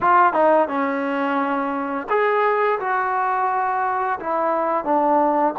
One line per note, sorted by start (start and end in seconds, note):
0.00 0.33 F4
0.33 0.68 D#4
0.68 2.07 C#4
2.09 2.79 G#4
2.79 4.19 F#4
4.19 4.84 E4
4.84 5.54 D4